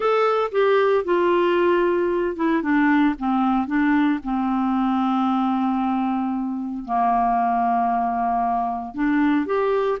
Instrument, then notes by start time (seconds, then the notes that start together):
clarinet
0.00 A4
0.51 G4
1.04 F4
2.36 E4
2.62 D4
3.18 C4
3.67 D4
4.23 C4
6.84 A#3
8.94 D4
9.45 G4